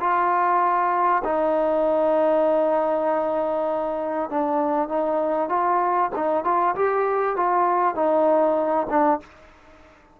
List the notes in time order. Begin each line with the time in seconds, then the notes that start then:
0.00 F4
1.24 D#4
4.30 D4
4.88 D#4
5.49 F4
6.15 D#4
6.44 F4
6.75 G4
7.36 F4
7.95 D#4
8.89 D4